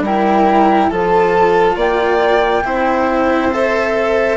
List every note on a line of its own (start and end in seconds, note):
0.00 0.87 G3
0.00 0.91 E4
0.00 0.89 A#4
0.00 0.90 G5
0.89 1.75 F3
0.89 2.64 F4
0.89 1.76 A4
0.89 1.77 A5
1.75 2.62 A#3
1.75 2.63 D5
1.75 3.53 G5
2.64 4.37 C4
2.64 3.51 E4
2.64 4.37 C5
3.52 4.37 A4
3.52 4.37 E5